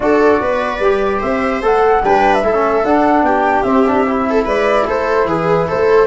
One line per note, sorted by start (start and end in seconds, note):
0.00 0.40 D4
0.00 0.79 F#4
0.00 0.42 A4
0.00 1.21 D5
0.40 0.79 B3
0.40 1.19 B4
0.79 1.20 G3
0.79 1.62 G4
1.19 1.61 C4
1.19 2.00 C5
1.19 1.61 E5
1.61 2.02 A3
1.61 2.02 A4
1.61 2.04 F#5
2.03 2.43 G3
2.03 2.44 D4
2.03 2.44 B4
2.03 2.34 G5
2.34 2.84 E5
2.43 2.83 A3
2.43 2.53 E4
2.43 3.25 A4
2.53 2.84 C#4
2.83 3.22 D4
2.83 3.65 D4
2.83 3.25 F#5
3.22 3.63 B3
3.22 4.27 G4
3.22 3.62 G5
3.62 4.45 C4
3.62 3.85 C4
3.62 4.43 E5
3.86 4.06 D4
4.06 6.07 E4
4.29 4.45 A4
4.45 4.85 G#3
4.45 4.85 B4
4.45 4.87 D5
4.85 5.25 A3
4.85 5.27 A4
4.85 5.28 C5
5.25 5.65 E3
5.25 5.67 G#4
5.25 5.68 B4
5.68 6.07 A3
5.68 6.07 A4
5.68 6.07 C5